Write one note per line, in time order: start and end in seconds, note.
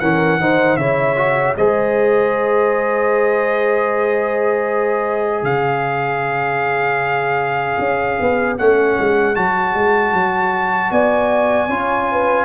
0.00 0.40 E3
0.00 0.40 C#4
0.00 0.40 A#4
0.00 0.77 F#5
0.40 0.77 D#3
0.40 0.79 D#4
0.40 0.79 C5
0.77 1.55 C#3
0.77 1.16 E4
0.77 1.57 C#5
0.77 1.55 E5
1.16 1.55 F#4
1.56 5.43 G#3
1.56 8.59 G#4
1.56 5.47 C5
1.56 5.44 D#5
5.43 7.77 C#3
5.43 10.92 C#5
5.43 8.56 F5
7.79 8.18 C#4
8.20 8.59 B3
8.58 8.98 A3
8.58 9.35 C#4
8.58 9.36 F#5
8.99 9.37 G#3
9.35 9.74 F#3
9.35 11.69 F#4
9.35 10.92 A5
9.74 10.13 G#3
10.13 10.91 F#3
10.91 11.69 B3
10.91 11.68 D5
10.91 12.45 G#5
11.68 12.45 C#4
11.68 12.45 F4
11.68 12.07 C#5
12.12 12.45 B4